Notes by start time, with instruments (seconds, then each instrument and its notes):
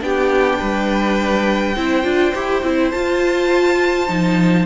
0.00 cello B3, viola D4, violin G4 G5
0.58 cello G3, violin B4
1.75 cello C4, viola E4, violin C5
2.03 cello D4, viola F4
2.34 cello E4, viola G4
2.62 cello C4, viola E4
2.91 viola F4, cello F4, violin A5
4.07 cello F3, viola D#4